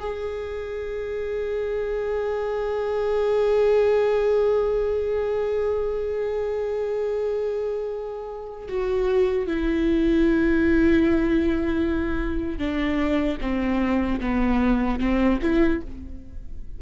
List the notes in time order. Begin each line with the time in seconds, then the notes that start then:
0.00 G#4
8.69 F#4
9.48 E4
12.59 D4
13.41 C4
14.21 B3
15.00 C4
15.42 E4